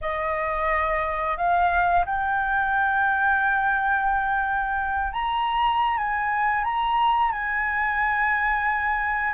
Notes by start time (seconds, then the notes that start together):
0.01 D#5
1.37 F5
2.05 G5
5.12 A#5
5.97 G#5
6.64 A#5
7.31 G#5